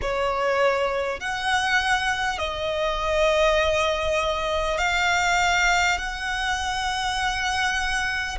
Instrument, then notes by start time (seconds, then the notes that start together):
violin
0.01 C#5
1.20 F#5
2.38 D#5
4.78 F5
5.98 F#5